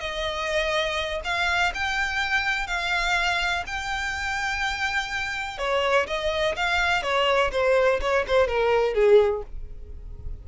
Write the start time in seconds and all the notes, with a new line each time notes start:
0.00 D#5
1.24 F5
1.74 G5
2.67 F5
3.66 G5
5.58 C#5
6.07 D#5
6.56 F5
7.02 C#5
7.52 C5
8.01 C#5
8.27 C5
8.47 A#4
8.94 G#4